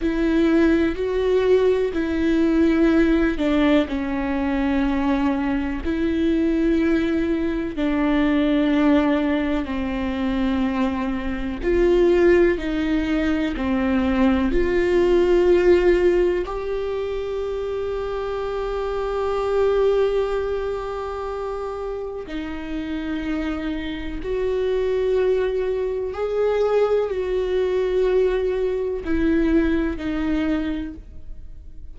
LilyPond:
\new Staff \with { instrumentName = "viola" } { \time 4/4 \tempo 4 = 62 e'4 fis'4 e'4. d'8 | cis'2 e'2 | d'2 c'2 | f'4 dis'4 c'4 f'4~ |
f'4 g'2.~ | g'2. dis'4~ | dis'4 fis'2 gis'4 | fis'2 e'4 dis'4 | }